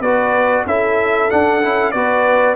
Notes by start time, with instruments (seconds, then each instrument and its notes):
0.00 tuba B3, trombone F#4, horn B4, trumpet D5
0.66 tuba C#4, trombone E4, horn A4, trumpet E5
1.29 trombone D4, tuba D4, trumpet F#5
1.61 tuba C#4, trombone E4
1.91 tuba B3, trombone F#4, horn B4, trumpet D5